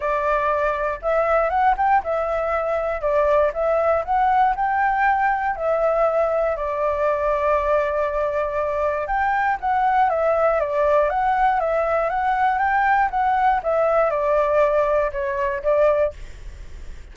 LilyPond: \new Staff \with { instrumentName = "flute" } { \time 4/4 \tempo 4 = 119 d''2 e''4 fis''8 g''8 | e''2 d''4 e''4 | fis''4 g''2 e''4~ | e''4 d''2.~ |
d''2 g''4 fis''4 | e''4 d''4 fis''4 e''4 | fis''4 g''4 fis''4 e''4 | d''2 cis''4 d''4 | }